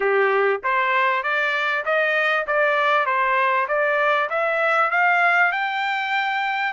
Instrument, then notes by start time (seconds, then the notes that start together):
trumpet
0.00 G4
0.63 C5
1.23 D5
1.85 D#5
2.47 D5
3.06 C5
3.68 D5
4.29 E5
4.91 F5
5.52 G5